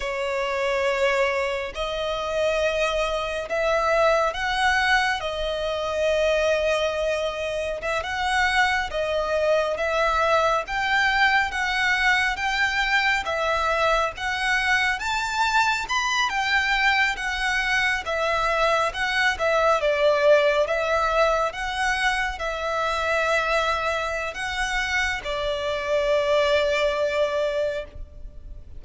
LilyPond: \new Staff \with { instrumentName = "violin" } { \time 4/4 \tempo 4 = 69 cis''2 dis''2 | e''4 fis''4 dis''2~ | dis''4 e''16 fis''4 dis''4 e''8.~ | e''16 g''4 fis''4 g''4 e''8.~ |
e''16 fis''4 a''4 b''8 g''4 fis''16~ | fis''8. e''4 fis''8 e''8 d''4 e''16~ | e''8. fis''4 e''2~ e''16 | fis''4 d''2. | }